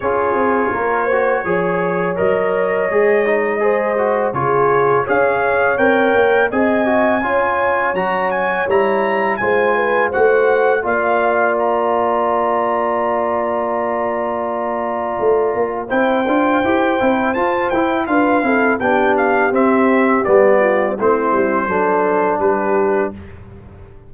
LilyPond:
<<
  \new Staff \with { instrumentName = "trumpet" } { \time 4/4 \tempo 4 = 83 cis''2. dis''4~ | dis''2 cis''4 f''4 | g''4 gis''2 ais''8 gis''8 | ais''4 gis''4 fis''4 f''4 |
ais''1~ | ais''2 g''2 | a''8 g''8 f''4 g''8 f''8 e''4 | d''4 c''2 b'4 | }
  \new Staff \with { instrumentName = "horn" } { \time 4/4 gis'4 ais'8 c''8 cis''2~ | cis''4 c''4 gis'4 cis''4~ | cis''4 dis''4 cis''2~ | cis''4 c''8 b'8 c''4 d''4~ |
d''1~ | d''2 c''2~ | c''4 b'8 a'8 g'2~ | g'8 f'8 e'4 a'4 g'4 | }
  \new Staff \with { instrumentName = "trombone" } { \time 4/4 f'4. fis'8 gis'4 ais'4 | gis'8 dis'8 gis'8 fis'8 f'4 gis'4 | ais'4 gis'8 fis'8 f'4 fis'4 | e'4 f'4 fis'4 f'4~ |
f'1~ | f'2 e'8 f'8 g'8 e'8 | f'8 e'8 f'8 e'8 d'4 c'4 | b4 c'4 d'2 | }
  \new Staff \with { instrumentName = "tuba" } { \time 4/4 cis'8 c'8 ais4 f4 fis4 | gis2 cis4 cis'4 | c'8 ais8 c'4 cis'4 fis4 | g4 gis4 a4 ais4~ |
ais1~ | ais4 a8 ais8 c'8 d'8 e'8 c'8 | f'8 e'8 d'8 c'8 b4 c'4 | g4 a8 g8 fis4 g4 | }
>>